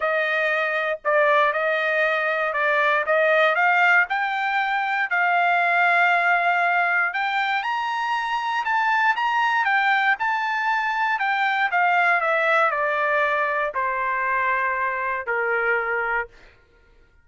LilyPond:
\new Staff \with { instrumentName = "trumpet" } { \time 4/4 \tempo 4 = 118 dis''2 d''4 dis''4~ | dis''4 d''4 dis''4 f''4 | g''2 f''2~ | f''2 g''4 ais''4~ |
ais''4 a''4 ais''4 g''4 | a''2 g''4 f''4 | e''4 d''2 c''4~ | c''2 ais'2 | }